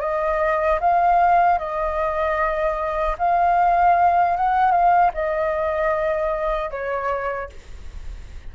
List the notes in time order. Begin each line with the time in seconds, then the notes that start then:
0.00 D#5
0.80 F5
1.58 D#5
3.18 F5
4.36 F#5
4.71 F5
5.14 D#5
6.70 C#5